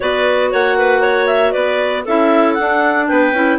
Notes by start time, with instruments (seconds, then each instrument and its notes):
0.00 bassoon B3, clarinet F#4 B4 D5
0.52 bassoon A#3, clarinet C#5 F#5
0.78 clarinet B4
1.01 clarinet C#5
1.26 clarinet E5
1.52 bassoon B3, clarinet B4 D5
2.04 bassoon C#4, clarinet E4 A4 E5
2.54 bassoon D4, clarinet D4 F#5
3.07 bassoon B3, clarinet B4 G5
3.32 bassoon C#4, clarinet E4